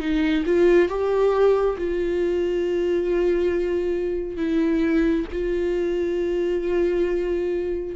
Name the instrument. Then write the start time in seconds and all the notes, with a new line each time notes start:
viola
0.00 D#4
0.46 F4
0.89 G4
1.78 F4
4.37 E4
5.33 F4